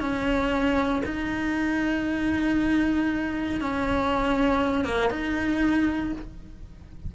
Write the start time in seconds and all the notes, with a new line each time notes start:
0.00 C#4
1.05 D#4
3.61 C#4
4.85 A#3
5.10 D#4